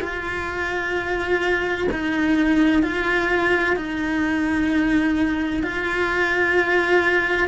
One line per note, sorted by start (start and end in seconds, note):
0.00 1.87 F4
1.91 2.83 D#4
2.83 3.76 F4
3.76 5.63 D#4
5.63 7.48 F4